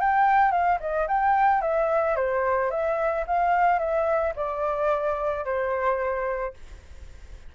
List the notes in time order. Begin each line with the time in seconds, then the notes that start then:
0.00 G5
0.51 F5
0.80 D#5
1.08 G5
1.61 E5
2.16 C5
2.70 E5
3.27 F5
3.79 E5
4.36 D5
5.45 C5